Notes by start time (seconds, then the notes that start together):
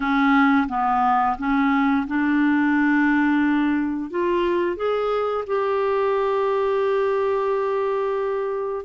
0.00 C#4
0.68 B3
1.38 C#4
2.07 D4
4.10 F4
4.76 G#4
5.46 G4